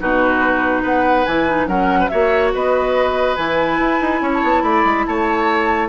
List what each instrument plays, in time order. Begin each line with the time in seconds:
0.00 bassoon B2, clarinet D#4, oboe F#4, flute B4
0.82 bassoon B3, oboe B4, flute F#5
1.25 bassoon E3, clarinet E4, flute G#5
1.48 clarinet D#4
1.67 bassoon F#3, clarinet C#4, oboe A#4, flute F#5
1.99 oboe B4
2.08 bassoon A#3, clarinet F#4, oboe C#5, flute E5
2.54 bassoon B3, oboe B4, flute D#5
3.36 bassoon E3, clarinet E4, flute G#5
3.79 bassoon E4
4.01 bassoon D#4
4.21 bassoon C#4, oboe C#5
4.33 flute A5
4.43 bassoon B3
4.62 bassoon A3, oboe D5, flute B5
4.85 bassoon G#3
5.06 bassoon A3, oboe C#5, flute A5